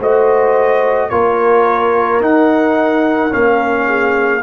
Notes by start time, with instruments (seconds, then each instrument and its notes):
0.00 tuba A3, trombone F#4, horn C5, trumpet D#5
1.10 tuba A#3, trombone F4, horn A#4, trumpet C#5
2.21 tuba D#4, trombone D#4, trumpet F#5
3.30 tuba A#3, trombone C#4, trumpet F5
3.87 horn G#4